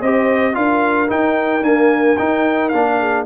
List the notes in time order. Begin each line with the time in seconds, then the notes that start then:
0.00 C4 G4 C5 D#5
0.53 D4 F4 A#4 F5
1.07 D#4 G5
1.61 A#3 D4 G#5
2.17 D#4 G5
2.68 A#3 D4 F5
2.99 G#4